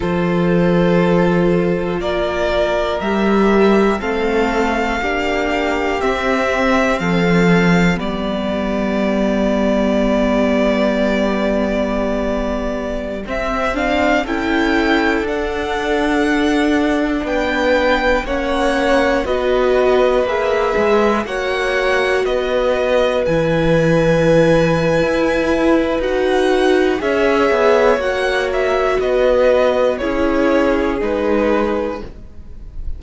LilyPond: <<
  \new Staff \with { instrumentName = "violin" } { \time 4/4 \tempo 4 = 60 c''2 d''4 e''4 | f''2 e''4 f''4 | d''1~ | d''4~ d''16 e''8 f''8 g''4 fis''8.~ |
fis''4~ fis''16 g''4 fis''4 dis''8.~ | dis''16 e''4 fis''4 dis''4 gis''8.~ | gis''2 fis''4 e''4 | fis''8 e''8 dis''4 cis''4 b'4 | }
  \new Staff \with { instrumentName = "violin" } { \time 4/4 a'2 ais'2 | a'4 g'2 a'4 | g'1~ | g'2~ g'16 a'4.~ a'16~ |
a'4~ a'16 b'4 cis''4 b'8.~ | b'4~ b'16 cis''4 b'4.~ b'16~ | b'2. cis''4~ | cis''4 b'4 gis'2 | }
  \new Staff \with { instrumentName = "viola" } { \time 4/4 f'2. g'4 | c'4 d'4 c'2 | b1~ | b4~ b16 c'8 d'8 e'4 d'8.~ |
d'2~ d'16 cis'4 fis'8.~ | fis'16 gis'4 fis'2 e'8.~ | e'2 fis'4 gis'4 | fis'2 e'4 dis'4 | }
  \new Staff \with { instrumentName = "cello" } { \time 4/4 f2 ais4 g4 | a4 ais4 c'4 f4 | g1~ | g4~ g16 c'4 cis'4 d'8.~ |
d'4~ d'16 b4 ais4 b8.~ | b16 ais8 gis8 ais4 b4 e8.~ | e4 e'4 dis'4 cis'8 b8 | ais4 b4 cis'4 gis4 | }
>>